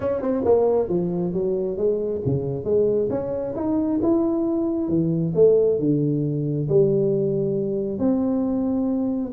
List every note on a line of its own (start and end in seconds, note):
0.00 0.21 C#4
0.21 0.43 C4
0.44 0.88 A#3
0.88 1.33 F3
1.33 1.77 F#3
1.77 2.21 G#3
2.25 2.64 C#3
2.64 3.08 G#3
3.09 3.54 C#4
3.55 4.00 D#4
4.02 4.88 E4
4.88 5.33 E3
5.34 5.79 A3
5.79 6.68 D3
6.68 7.98 G3
7.98 9.32 C4